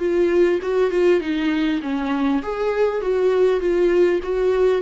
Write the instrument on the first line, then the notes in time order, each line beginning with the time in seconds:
viola
0.00 F4
0.62 F#4
0.91 F4
1.21 D#4
1.82 C#4
2.43 G#4
3.02 F#4
3.61 F4
4.23 F#4